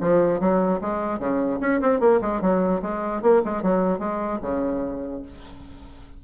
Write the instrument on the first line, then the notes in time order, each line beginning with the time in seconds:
bassoon
0.00 F3
0.39 F#3
0.81 G#3
1.19 C#3
1.60 C#4
1.81 C4
2.00 A#3
2.21 G#3
2.41 F#3
2.82 G#3
3.21 A#3
3.44 G#3
3.62 F#3
3.98 G#3
4.41 C#3